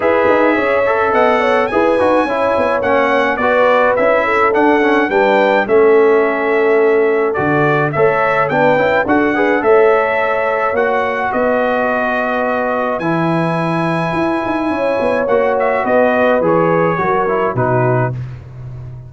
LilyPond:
<<
  \new Staff \with { instrumentName = "trumpet" } { \time 4/4 \tempo 4 = 106 e''2 fis''4 gis''4~ | gis''4 fis''4 d''4 e''4 | fis''4 g''4 e''2~ | e''4 d''4 e''4 g''4 |
fis''4 e''2 fis''4 | dis''2. gis''4~ | gis''2. fis''8 e''8 | dis''4 cis''2 b'4 | }
  \new Staff \with { instrumentName = "horn" } { \time 4/4 b'4 cis''4 dis''8 cis''8 b'4 | cis''2 b'4. a'8~ | a'4 b'4 a'2~ | a'2 cis''4 b'4 |
a'8 b'8 cis''2. | b'1~ | b'2 cis''2 | b'2 ais'4 fis'4 | }
  \new Staff \with { instrumentName = "trombone" } { \time 4/4 gis'4. a'4. gis'8 fis'8 | e'4 cis'4 fis'4 e'4 | d'8 cis'8 d'4 cis'2~ | cis'4 fis'4 a'4 d'8 e'8 |
fis'8 gis'8 a'2 fis'4~ | fis'2. e'4~ | e'2. fis'4~ | fis'4 gis'4 fis'8 e'8 dis'4 | }
  \new Staff \with { instrumentName = "tuba" } { \time 4/4 e'8 dis'8 cis'4 b4 e'8 dis'8 | cis'8 b8 ais4 b4 cis'4 | d'4 g4 a2~ | a4 d4 a4 b8 cis'8 |
d'4 a2 ais4 | b2. e4~ | e4 e'8 dis'8 cis'8 b8 ais4 | b4 e4 fis4 b,4 | }
>>